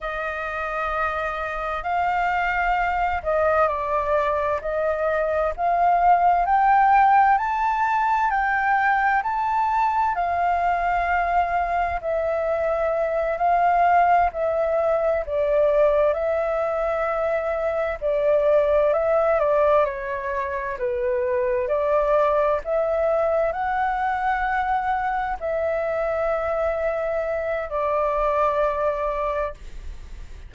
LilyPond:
\new Staff \with { instrumentName = "flute" } { \time 4/4 \tempo 4 = 65 dis''2 f''4. dis''8 | d''4 dis''4 f''4 g''4 | a''4 g''4 a''4 f''4~ | f''4 e''4. f''4 e''8~ |
e''8 d''4 e''2 d''8~ | d''8 e''8 d''8 cis''4 b'4 d''8~ | d''8 e''4 fis''2 e''8~ | e''2 d''2 | }